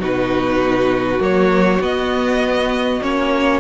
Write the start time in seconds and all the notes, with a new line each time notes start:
0.00 B2 D#4 F#4 B4
1.19 F#3 A#3 C#5
1.80 B3 D#5
3.02 A#3 C#4 C#5